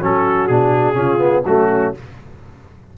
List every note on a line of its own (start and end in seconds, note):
0.00 0.49 F#3
0.00 0.50 C#4
0.00 0.97 F#4
0.00 0.47 A4
0.47 0.96 B2
0.47 0.95 D4
0.47 1.44 G#4
0.95 1.45 C#3
0.95 1.19 C#4
0.95 1.45 F4
1.19 1.43 B3
1.45 1.94 F#3
1.45 1.95 A3
1.45 1.98 C#4
1.45 1.95 F#4